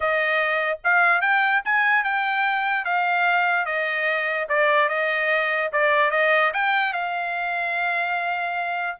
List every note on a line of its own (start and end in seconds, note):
0.00 0.78 D#5
0.83 1.21 F5
1.21 1.62 G5
1.64 2.04 G#5
2.04 2.84 G5
2.84 3.65 F5
3.65 4.47 D#5
4.48 4.88 D5
4.88 5.70 D#5
5.72 6.10 D5
6.10 6.51 D#5
6.53 6.93 G5
6.93 8.97 F5